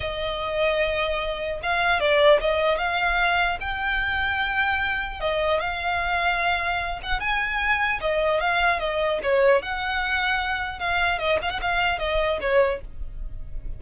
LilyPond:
\new Staff \with { instrumentName = "violin" } { \time 4/4 \tempo 4 = 150 dis''1 | f''4 d''4 dis''4 f''4~ | f''4 g''2.~ | g''4 dis''4 f''2~ |
f''4. fis''8 gis''2 | dis''4 f''4 dis''4 cis''4 | fis''2. f''4 | dis''8 f''16 fis''16 f''4 dis''4 cis''4 | }